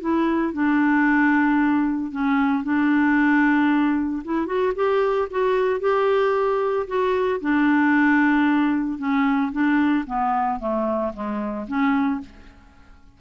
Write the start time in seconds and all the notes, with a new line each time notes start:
0.00 E4
0.53 D4
2.12 C#4
2.63 D4
4.24 E4
4.46 F#4
4.75 G4
5.30 F#4
5.80 G4
6.87 F#4
7.41 D4
8.98 C#4
9.52 D4
10.06 B3
10.59 A3
11.13 G#3
11.67 C#4